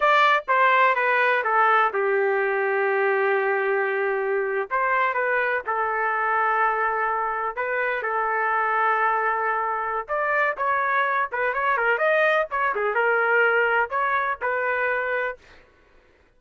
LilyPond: \new Staff \with { instrumentName = "trumpet" } { \time 4/4 \tempo 4 = 125 d''4 c''4 b'4 a'4 | g'1~ | g'4.~ g'16 c''4 b'4 a'16~ | a'2.~ a'8. b'16~ |
b'8. a'2.~ a'16~ | a'4 d''4 cis''4. b'8 | cis''8 ais'8 dis''4 cis''8 gis'8 ais'4~ | ais'4 cis''4 b'2 | }